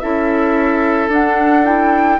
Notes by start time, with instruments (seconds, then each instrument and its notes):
0.00 bassoon C#4, clarinet E4, oboe A4, flute E5
1.09 bassoon D4, clarinet D4, flute F#5
1.65 clarinet E4, flute G5